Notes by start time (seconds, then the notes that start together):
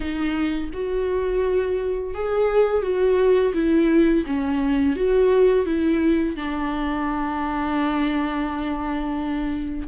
0.00 D#4
0.73 F#4
2.14 G#4
2.82 F#4
3.53 E4
4.26 C#4
4.96 F#4
5.65 E4
6.36 D4